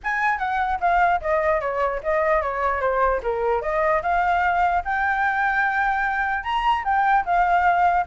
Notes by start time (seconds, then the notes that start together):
0.03 G#5
0.38 F#5
0.80 F5
1.21 D#5
1.60 C#5
2.03 D#5
2.42 C#5
2.80 C5
3.22 A#4
3.61 D#5
4.02 F5
4.84 G5
6.43 A#5
6.84 G5
7.25 F5